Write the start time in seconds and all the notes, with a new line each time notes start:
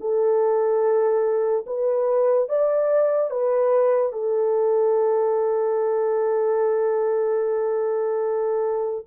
0.00 A4
1.66 B4
2.48 D5
3.30 B4
4.12 A4